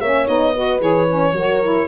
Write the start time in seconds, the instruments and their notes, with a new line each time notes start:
0.00 tuba A#3, saxophone C#4, horn C#5, violin E5
0.27 tuba B3, saxophone D#4, violin D#5
0.53 saxophone F#4, horn B4
0.79 tuba E3, saxophone G#4, violin C#5
1.08 saxophone C#4
1.32 tuba F#3, saxophone F#4, horn A#4
1.62 saxophone E4